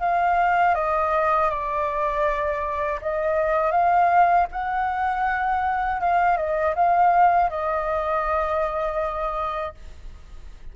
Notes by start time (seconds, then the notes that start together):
0.00 F5
0.75 D#5
1.50 D5
3.01 D#5
3.72 F5
4.52 F#5
6.01 F5
6.37 D#5
6.75 F5
7.50 D#5